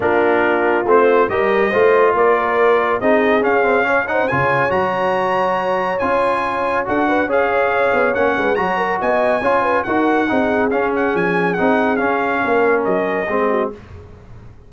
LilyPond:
<<
  \new Staff \with { instrumentName = "trumpet" } { \time 4/4 \tempo 4 = 140 ais'2 c''4 dis''4~ | dis''4 d''2 dis''4 | f''4. fis''8 gis''4 ais''4~ | ais''2 gis''2 |
fis''4 f''2 fis''4 | ais''4 gis''2 fis''4~ | fis''4 f''8 fis''8 gis''4 fis''4 | f''2 dis''2 | }
  \new Staff \with { instrumentName = "horn" } { \time 4/4 f'2. ais'4 | c''4 ais'2 gis'4~ | gis'4 cis''8 c''8 cis''2~ | cis''1 |
a'8 b'8 cis''2~ cis''8 b'8 | cis''8 ais'8 dis''4 cis''8 b'8 ais'4 | gis'1~ | gis'4 ais'2 gis'8 fis'8 | }
  \new Staff \with { instrumentName = "trombone" } { \time 4/4 d'2 c'4 g'4 | f'2. dis'4 | cis'8 c'8 cis'8 dis'8 f'4 fis'4~ | fis'2 f'2 |
fis'4 gis'2 cis'4 | fis'2 f'4 fis'4 | dis'4 cis'2 dis'4 | cis'2. c'4 | }
  \new Staff \with { instrumentName = "tuba" } { \time 4/4 ais2 a4 g4 | a4 ais2 c'4 | cis'2 cis4 fis4~ | fis2 cis'2 |
d'4 cis'4. b8 ais8 gis8 | fis4 b4 cis'4 dis'4 | c'4 cis'4 f4 c'4 | cis'4 ais4 fis4 gis4 | }
>>